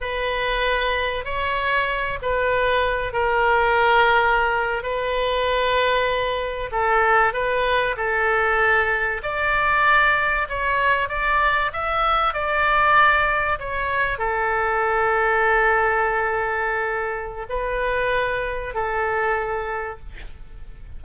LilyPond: \new Staff \with { instrumentName = "oboe" } { \time 4/4 \tempo 4 = 96 b'2 cis''4. b'8~ | b'4 ais'2~ ais'8. b'16~ | b'2~ b'8. a'4 b'16~ | b'8. a'2 d''4~ d''16~ |
d''8. cis''4 d''4 e''4 d''16~ | d''4.~ d''16 cis''4 a'4~ a'16~ | a'1 | b'2 a'2 | }